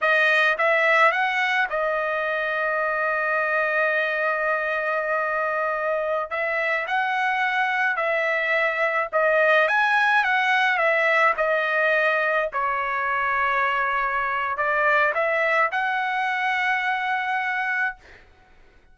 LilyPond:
\new Staff \with { instrumentName = "trumpet" } { \time 4/4 \tempo 4 = 107 dis''4 e''4 fis''4 dis''4~ | dis''1~ | dis''2.~ dis''16 e''8.~ | e''16 fis''2 e''4.~ e''16~ |
e''16 dis''4 gis''4 fis''4 e''8.~ | e''16 dis''2 cis''4.~ cis''16~ | cis''2 d''4 e''4 | fis''1 | }